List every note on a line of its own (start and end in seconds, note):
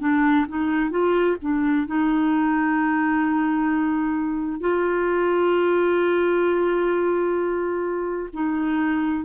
0.00 0.46 D4
0.49 0.91 D#4
0.91 1.37 F4
1.42 1.87 D4
1.87 4.61 D#4
4.61 8.30 F4
8.33 9.25 D#4